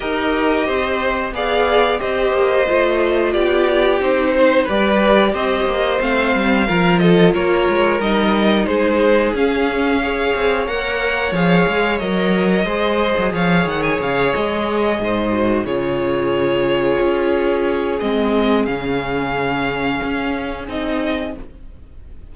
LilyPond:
<<
  \new Staff \with { instrumentName = "violin" } { \time 4/4 \tempo 4 = 90 dis''2 f''4 dis''4~ | dis''4 d''4 c''4 d''4 | dis''4 f''4. dis''8 cis''4 | dis''4 c''4 f''2 |
fis''4 f''4 dis''2 | f''8 fis''16 gis''16 f''8 dis''2 cis''8~ | cis''2. dis''4 | f''2. dis''4 | }
  \new Staff \with { instrumentName = "violin" } { \time 4/4 ais'4 c''4 d''4 c''4~ | c''4 g'4. c''8 b'4 | c''2 ais'8 a'8 ais'4~ | ais'4 gis'2 cis''4~ |
cis''2. c''4 | cis''2~ cis''8 c''4 gis'8~ | gis'1~ | gis'1 | }
  \new Staff \with { instrumentName = "viola" } { \time 4/4 g'2 gis'4 g'4 | f'2 dis'4 g'4~ | g'4 c'4 f'2 | dis'2 cis'4 gis'4 |
ais'4 gis'4 ais'4 gis'4~ | gis'2. fis'8 f'8~ | f'2. c'4 | cis'2. dis'4 | }
  \new Staff \with { instrumentName = "cello" } { \time 4/4 dis'4 c'4 b4 c'8 ais8 | a4 b4 c'4 g4 | c'8 ais8 a8 g8 f4 ais8 gis8 | g4 gis4 cis'4. c'8 |
ais4 f8 gis8 fis4 gis8. fis16 | f8 dis8 cis8 gis4 gis,4 cis8~ | cis4. cis'4. gis4 | cis2 cis'4 c'4 | }
>>